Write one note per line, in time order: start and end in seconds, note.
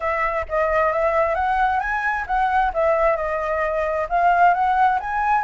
0.00 0.45 E5
0.49 0.92 D#5
0.92 1.34 E5
1.34 1.80 F#5
1.80 2.25 G#5
2.26 2.72 F#5
2.73 3.16 E5
3.16 4.07 D#5
4.09 4.53 F5
4.53 4.99 F#5
5.00 5.44 G#5